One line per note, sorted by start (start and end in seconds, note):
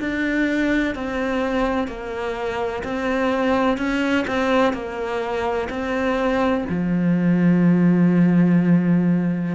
0.00 0.95 D4
0.95 1.88 C4
1.88 2.83 A#3
2.84 3.77 C4
3.77 4.25 C#4
4.27 4.73 C4
4.73 5.68 A#3
5.70 6.65 C4
6.69 9.55 F3